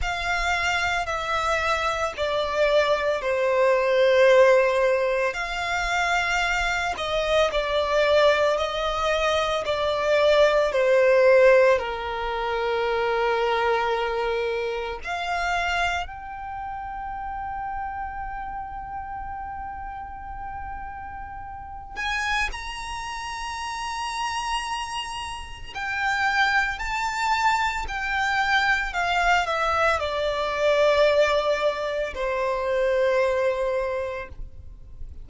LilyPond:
\new Staff \with { instrumentName = "violin" } { \time 4/4 \tempo 4 = 56 f''4 e''4 d''4 c''4~ | c''4 f''4. dis''8 d''4 | dis''4 d''4 c''4 ais'4~ | ais'2 f''4 g''4~ |
g''1~ | g''8 gis''8 ais''2. | g''4 a''4 g''4 f''8 e''8 | d''2 c''2 | }